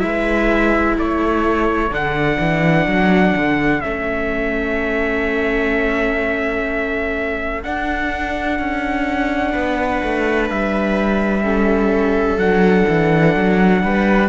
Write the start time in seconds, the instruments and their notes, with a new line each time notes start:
0.00 cello G#3, viola E4 B4, trumpet E5
0.98 cello A3, viola A4, trumpet C#5
1.90 cello D3, viola D4, trumpet F#5
2.40 cello E3
2.87 cello F#3
3.37 cello D3
3.82 cello A3, viola C#4, trumpet E5
7.63 viola D4, cello D4, trumpet F#5
8.59 cello C#4
9.53 cello B3, viola B4
10.03 cello A3
10.50 cello G3, trumpet E5
11.43 viola C#4 A4
12.37 cello F#3, viola D4, trumpet F#5
12.89 cello E3
13.36 cello F#3
13.83 cello G3, viola B4